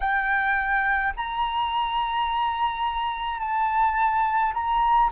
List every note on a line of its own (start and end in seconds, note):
0.00 1.13 G5
1.16 3.40 A#5
3.40 4.53 A5
4.53 5.09 A#5